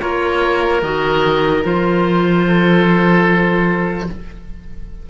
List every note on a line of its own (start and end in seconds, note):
0.00 0.82 A#3
0.00 0.81 F4
0.00 2.45 A#4
0.00 0.81 C#5
0.82 1.63 D#3
0.82 1.64 F#4
0.82 1.65 D#5
1.64 4.09 F3
1.64 4.07 F4
1.64 4.09 C5
2.48 4.10 A4